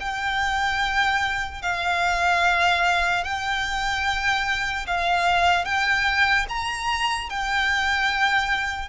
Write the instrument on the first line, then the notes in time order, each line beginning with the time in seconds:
violin
0.00 G5
1.62 F5
3.24 G5
4.87 F5
5.65 G5
6.49 A#5
7.30 G5